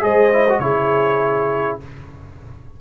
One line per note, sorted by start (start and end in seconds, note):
0.00 0.59 G#3
0.00 0.30 G#4
0.00 0.62 C5
0.00 0.59 D#5
0.33 0.47 E4
0.49 0.61 F#4
0.59 1.78 C#3
0.59 1.80 E4
0.59 1.80 G#4
0.59 1.78 C#5